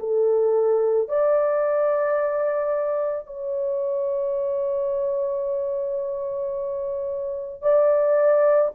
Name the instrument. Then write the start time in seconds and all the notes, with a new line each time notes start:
horn
0.00 A4
1.09 D5
3.26 C#5
7.63 D5